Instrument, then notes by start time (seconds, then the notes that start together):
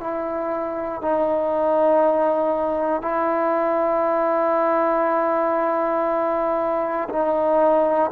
trombone
0.00 E4
1.02 D#4
3.01 E4
7.10 D#4